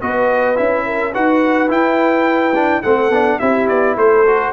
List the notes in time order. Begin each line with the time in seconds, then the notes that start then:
0.00 B3 F#4 B4 D#5
0.56 C#4 E4 E5
0.86 A#4
1.12 D#4 F#4 B4 F#5
1.68 E4 G5
2.54 D4
2.82 A3 C4 A4 F#5
3.10 B3 D4
3.39 C4 E4 G4 E5
3.68 B3 D5
3.96 A3 A4 C5
4.26 F#4